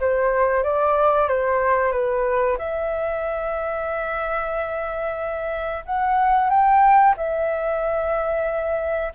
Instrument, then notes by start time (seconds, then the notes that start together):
flute
0.00 C5
0.63 D5
1.28 C5
1.92 B4
2.58 E5
5.85 F#5
6.50 G5
7.17 E5